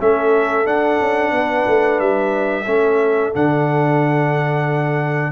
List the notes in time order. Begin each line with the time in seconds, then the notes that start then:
0.00 A3 C#4 A4 E5
0.64 D4 F#5
1.00 C#4
1.31 B3 B4
1.67 A3
1.99 G3 E5
2.65 A3 C#4 A4
3.33 D3 D4 F#5